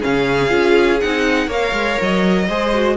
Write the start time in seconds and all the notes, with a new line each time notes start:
0.00 C#4 G#4 F5
0.06 C#3
0.49 C#4 F4
1.01 C4 D#4 F#5
1.47 A#3 A#4 C#5 F5
1.73 G#3
2.02 F#3 D#5
2.49 G#3 G#4 C5
2.74 F#4